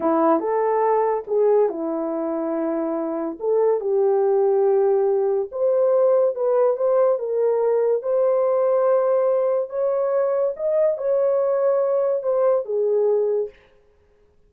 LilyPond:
\new Staff \with { instrumentName = "horn" } { \time 4/4 \tempo 4 = 142 e'4 a'2 gis'4 | e'1 | a'4 g'2.~ | g'4 c''2 b'4 |
c''4 ais'2 c''4~ | c''2. cis''4~ | cis''4 dis''4 cis''2~ | cis''4 c''4 gis'2 | }